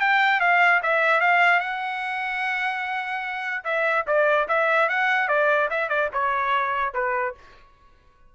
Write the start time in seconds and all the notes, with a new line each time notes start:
0.00 G5
0.40 F5
0.83 E5
1.21 F5
1.60 F#5
3.64 E5
4.07 D5
4.48 E5
4.89 F#5
5.28 D5
5.70 E5
5.89 D5
6.13 C#5
6.94 B4